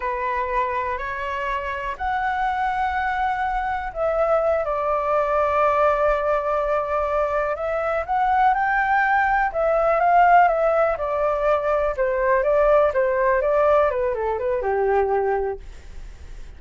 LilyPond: \new Staff \with { instrumentName = "flute" } { \time 4/4 \tempo 4 = 123 b'2 cis''2 | fis''1 | e''4. d''2~ d''8~ | d''2.~ d''8 e''8~ |
e''8 fis''4 g''2 e''8~ | e''8 f''4 e''4 d''4.~ | d''8 c''4 d''4 c''4 d''8~ | d''8 b'8 a'8 b'8 g'2 | }